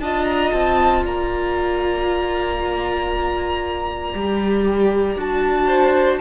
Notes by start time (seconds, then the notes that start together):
0.00 D4 F4 D#5 A5
0.26 A#5
0.52 C4 A5
1.04 A#3 D5 A#5
4.14 G3 G4
5.16 D4 F#4 A5
5.67 C5